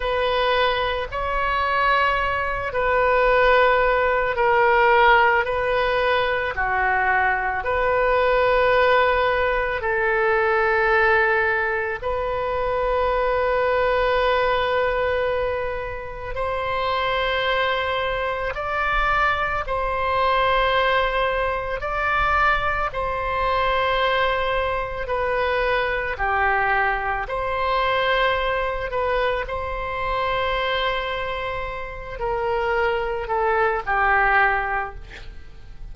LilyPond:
\new Staff \with { instrumentName = "oboe" } { \time 4/4 \tempo 4 = 55 b'4 cis''4. b'4. | ais'4 b'4 fis'4 b'4~ | b'4 a'2 b'4~ | b'2. c''4~ |
c''4 d''4 c''2 | d''4 c''2 b'4 | g'4 c''4. b'8 c''4~ | c''4. ais'4 a'8 g'4 | }